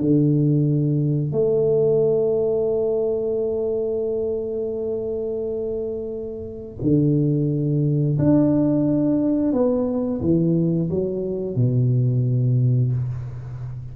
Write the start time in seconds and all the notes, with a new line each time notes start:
0.00 D3
1.32 A3
6.81 D3
8.18 D4
9.52 B3
10.21 E3
10.90 F#3
11.55 B2